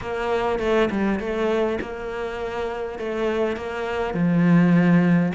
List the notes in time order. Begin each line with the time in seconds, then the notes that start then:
0.01 A#3
0.59 A3
0.90 G3
1.19 A3
1.80 A#3
2.98 A3
3.56 A#3
4.14 F3